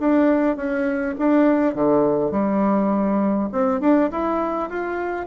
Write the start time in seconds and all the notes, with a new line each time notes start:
0.00 D4
0.57 C#4
1.19 D4
1.75 D3
2.32 G3
3.52 C4
3.81 D4
4.12 E4
4.70 F4